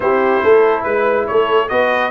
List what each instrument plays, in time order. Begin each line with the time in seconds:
0.00 tuba C4, trombone E4, horn G4, trumpet C5
0.43 tuba A3, horn A4
0.83 tuba G#3, trumpet B4, horn B4
1.27 tuba A3, horn A4, trumpet C#5
1.68 tuba B3, trombone F#4, horn B4, trumpet D#5